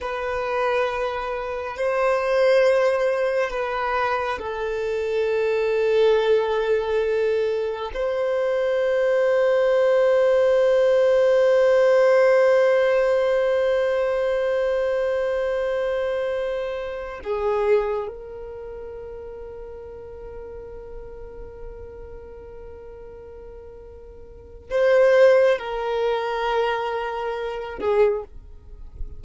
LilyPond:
\new Staff \with { instrumentName = "violin" } { \time 4/4 \tempo 4 = 68 b'2 c''2 | b'4 a'2.~ | a'4 c''2.~ | c''1~ |
c''2.~ c''8 gis'8~ | gis'8 ais'2.~ ais'8~ | ais'1 | c''4 ais'2~ ais'8 gis'8 | }